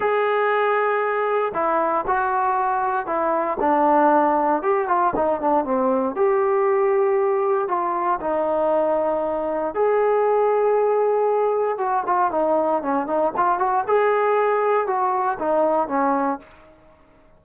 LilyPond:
\new Staff \with { instrumentName = "trombone" } { \time 4/4 \tempo 4 = 117 gis'2. e'4 | fis'2 e'4 d'4~ | d'4 g'8 f'8 dis'8 d'8 c'4 | g'2. f'4 |
dis'2. gis'4~ | gis'2. fis'8 f'8 | dis'4 cis'8 dis'8 f'8 fis'8 gis'4~ | gis'4 fis'4 dis'4 cis'4 | }